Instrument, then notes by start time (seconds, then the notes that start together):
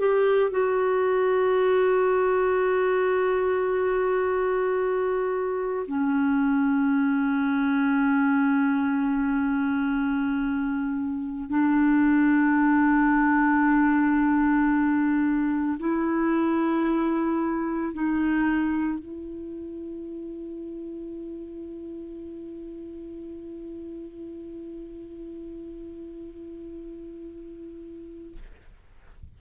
clarinet
0.00 G4
0.51 F#4
5.88 C#4
11.50 D4
15.79 E4
17.94 D#4
18.99 E4